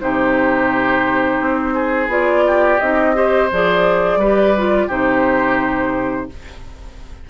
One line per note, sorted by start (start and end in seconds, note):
0.00 1.40 C3
0.00 2.09 D#4
0.00 1.74 G4
0.00 2.09 C5
1.40 2.08 C4
1.74 2.44 G#4
2.08 2.77 B3
2.08 2.79 F4
2.08 2.79 D5
2.47 3.16 G4
2.79 3.51 C4
2.79 3.14 D#4
2.79 3.49 D#5
3.14 3.49 G4
3.14 4.19 C5
3.52 4.16 F3
3.52 4.22 G#4
3.52 4.90 D5
4.16 4.86 G3
4.16 4.56 G4
4.16 4.87 B4
4.57 4.89 F4
4.87 6.28 C3
4.87 6.29 D#4
4.87 6.27 G4
4.87 6.30 C5